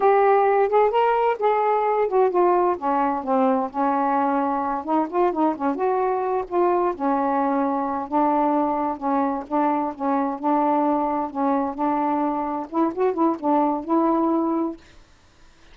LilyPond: \new Staff \with { instrumentName = "saxophone" } { \time 4/4 \tempo 4 = 130 g'4. gis'8 ais'4 gis'4~ | gis'8 fis'8 f'4 cis'4 c'4 | cis'2~ cis'8 dis'8 f'8 dis'8 | cis'8 fis'4. f'4 cis'4~ |
cis'4. d'2 cis'8~ | cis'8 d'4 cis'4 d'4.~ | d'8 cis'4 d'2 e'8 | fis'8 e'8 d'4 e'2 | }